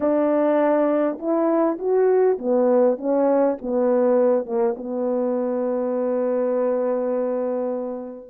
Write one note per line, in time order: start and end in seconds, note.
0.00 1.18 D4
1.18 1.78 E4
1.78 2.38 F#4
2.38 2.97 B3
2.97 3.57 C#4
3.61 4.45 B3
4.45 4.75 A#3
4.76 8.29 B3